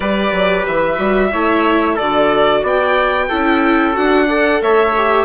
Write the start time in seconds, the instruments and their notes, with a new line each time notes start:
0.00 bassoon G3, viola G4, trumpet B4, violin D5
0.32 bassoon F#3
0.66 bassoon E3, violin E5
0.96 bassoon G3, viola F#4
1.32 bassoon A3, viola E4, trumpet C#5
1.94 bassoon D3, viola F#4, trumpet A4, violin D5
2.62 bassoon B3, trumpet D5, violin G5
3.28 bassoon C#4, viola E4, trumpet A4
3.93 bassoon D4, viola F#4, violin F#5
4.28 viola A4, trumpet D5
4.61 bassoon A3, trumpet C#5, violin E5
4.96 viola G4